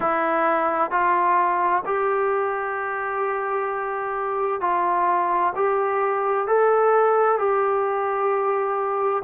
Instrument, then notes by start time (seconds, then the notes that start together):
trombone
0.00 E4
0.90 F4
1.85 G4
4.61 F4
5.55 G4
6.47 A4
7.38 G4